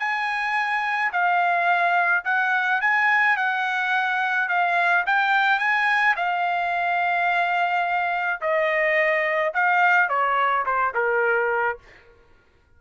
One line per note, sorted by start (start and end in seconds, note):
0.00 1.12 G#5
1.13 2.25 F5
2.25 2.81 F#5
2.81 3.37 G#5
3.37 4.49 F#5
4.49 5.05 F5
5.07 5.60 G5
5.60 6.16 G#5
6.17 8.41 F5
8.42 9.54 D#5
9.55 10.10 F5
10.10 10.66 C#5
10.66 10.94 C5
10.95 11.79 A#4